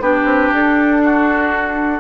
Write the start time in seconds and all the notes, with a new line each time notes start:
0.00 B3 D4 G4 B4
0.25 C4
0.52 D4 A4
1.04 F#4